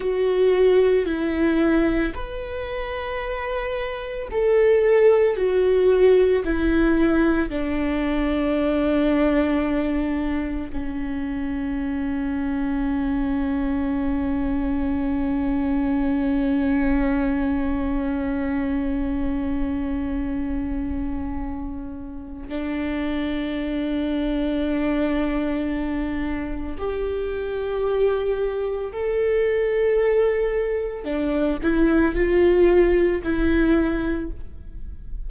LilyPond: \new Staff \with { instrumentName = "viola" } { \time 4/4 \tempo 4 = 56 fis'4 e'4 b'2 | a'4 fis'4 e'4 d'4~ | d'2 cis'2~ | cis'1~ |
cis'1~ | cis'4 d'2.~ | d'4 g'2 a'4~ | a'4 d'8 e'8 f'4 e'4 | }